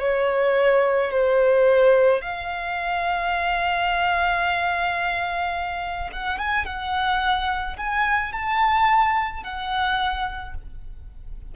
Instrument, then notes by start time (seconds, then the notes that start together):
violin
0.00 C#5
1.11 C5
2.22 F5
6.12 F#5
6.38 G#5
6.66 F#5
7.77 G#5
8.33 A5
9.43 F#5